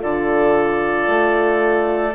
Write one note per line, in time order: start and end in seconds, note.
0.00 1.08 D3
0.00 2.14 F4
0.00 2.16 A4
0.00 2.16 D5
1.08 2.15 A3